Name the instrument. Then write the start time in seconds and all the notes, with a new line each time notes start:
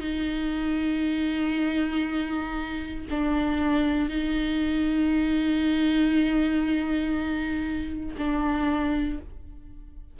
viola
0.00 D#4
3.10 D4
4.09 D#4
8.18 D4